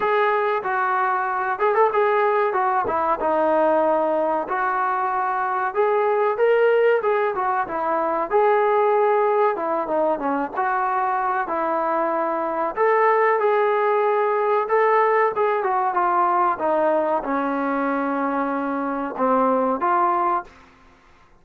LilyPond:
\new Staff \with { instrumentName = "trombone" } { \time 4/4 \tempo 4 = 94 gis'4 fis'4. gis'16 a'16 gis'4 | fis'8 e'8 dis'2 fis'4~ | fis'4 gis'4 ais'4 gis'8 fis'8 | e'4 gis'2 e'8 dis'8 |
cis'8 fis'4. e'2 | a'4 gis'2 a'4 | gis'8 fis'8 f'4 dis'4 cis'4~ | cis'2 c'4 f'4 | }